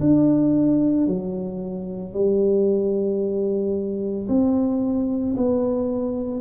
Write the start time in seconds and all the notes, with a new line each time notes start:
0.00 D4
1.07 F#3
2.13 G3
4.29 C4
5.37 B3